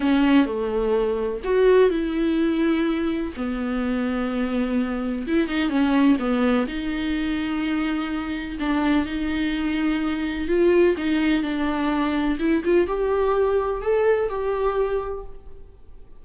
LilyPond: \new Staff \with { instrumentName = "viola" } { \time 4/4 \tempo 4 = 126 cis'4 a2 fis'4 | e'2. b4~ | b2. e'8 dis'8 | cis'4 b4 dis'2~ |
dis'2 d'4 dis'4~ | dis'2 f'4 dis'4 | d'2 e'8 f'8 g'4~ | g'4 a'4 g'2 | }